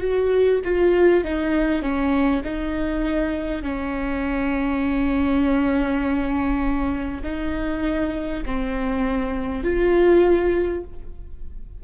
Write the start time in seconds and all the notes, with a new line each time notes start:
0.00 F#4
0.64 F4
1.24 D#4
1.82 C#4
2.44 D#4
3.62 C#4
7.23 D#4
8.45 C4
9.63 F4